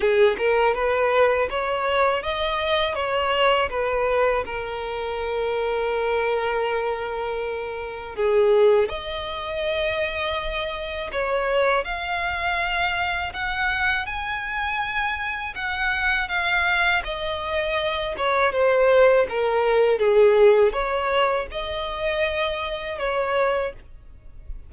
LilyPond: \new Staff \with { instrumentName = "violin" } { \time 4/4 \tempo 4 = 81 gis'8 ais'8 b'4 cis''4 dis''4 | cis''4 b'4 ais'2~ | ais'2. gis'4 | dis''2. cis''4 |
f''2 fis''4 gis''4~ | gis''4 fis''4 f''4 dis''4~ | dis''8 cis''8 c''4 ais'4 gis'4 | cis''4 dis''2 cis''4 | }